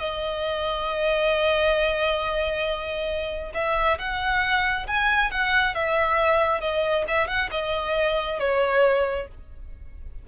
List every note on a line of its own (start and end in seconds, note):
0.00 3.53 D#5
3.55 3.99 E5
3.99 4.87 F#5
4.87 5.31 G#5
5.31 5.75 F#5
5.75 6.61 E5
6.61 7.05 D#5
7.08 7.28 E5
7.28 7.50 F#5
7.52 8.40 D#5
8.40 9.28 C#5